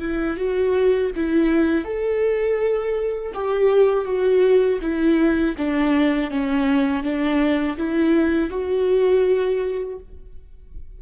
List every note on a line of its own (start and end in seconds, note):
0.00 0.37 E4
0.37 1.11 F#4
1.16 1.85 E4
1.85 3.33 A4
3.34 4.05 G4
4.05 4.79 F#4
4.81 5.56 E4
5.57 6.31 D4
6.31 7.03 C#4
7.03 7.77 D4
7.77 8.50 E4
8.50 9.98 F#4